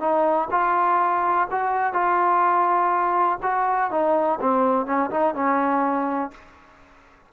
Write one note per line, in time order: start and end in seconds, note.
0.00 0.48 D#4
0.51 1.48 F4
1.51 1.93 F#4
1.93 3.38 F4
3.42 3.91 F#4
3.91 4.39 D#4
4.41 4.86 C4
4.86 5.10 C#4
5.10 5.34 D#4
5.34 6.31 C#4